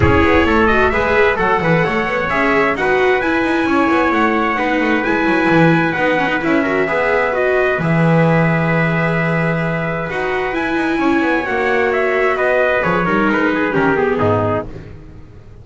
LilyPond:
<<
  \new Staff \with { instrumentName = "trumpet" } { \time 4/4 \tempo 4 = 131 cis''4. dis''8 e''4 fis''4~ | fis''4 e''4 fis''4 gis''4~ | gis''4 fis''2 gis''4~ | gis''4 fis''4 e''2 |
dis''4 e''2.~ | e''2 fis''4 gis''4~ | gis''4 fis''4 e''4 dis''4 | cis''4 b'4 ais'8 gis'4. | }
  \new Staff \with { instrumentName = "trumpet" } { \time 4/4 gis'4 a'4 b'4 a'8 b'8 | cis''2 b'2 | cis''2 b'2~ | b'2~ b'8 ais'8 b'4~ |
b'1~ | b'1 | cis''2. b'4~ | b'8 ais'4 gis'8 g'4 dis'4 | }
  \new Staff \with { instrumentName = "viola" } { \time 4/4 e'4. fis'8 gis'4 a'4~ | a'4 gis'4 fis'4 e'4~ | e'2 dis'4 e'4~ | e'4 dis'8 cis'16 dis'16 e'8 fis'8 gis'4 |
fis'4 gis'2.~ | gis'2 fis'4 e'4~ | e'4 fis'2. | gis'8 dis'4. cis'8 b4. | }
  \new Staff \with { instrumentName = "double bass" } { \time 4/4 cis'8 b8 a4 gis4 fis8 e8 | a8 b8 cis'4 dis'4 e'8 dis'8 | cis'8 b8 a4 b8 a8 gis8 fis8 | e4 b4 cis'4 b4~ |
b4 e2.~ | e2 dis'4 e'8 dis'8 | cis'8 b8 ais2 b4 | f8 g8 gis4 dis4 gis,4 | }
>>